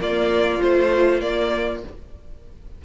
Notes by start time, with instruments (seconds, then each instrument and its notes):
0.00 viola A#3, cello A#3, violin F4 D5
0.59 viola F3, cello A3, violin C5
1.21 viola A#3, cello A#3, violin D5